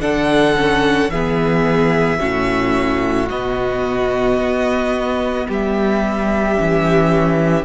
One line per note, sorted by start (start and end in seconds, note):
0.00 1.09 D3
0.00 0.55 D4
0.00 1.10 A4
0.00 1.10 F#5
0.56 1.10 C#4
1.09 2.18 E3
1.09 2.19 B3
1.09 2.19 G#4
1.09 3.28 E5
2.19 3.30 A2
2.19 3.28 C#4
2.19 5.46 F#4
3.29 4.38 B2
3.29 6.55 B3
3.29 5.47 D#5
4.38 5.47 B3
5.47 6.58 G3
5.47 7.64 G4
5.47 7.64 E5
6.55 7.64 E3
6.55 7.64 C#4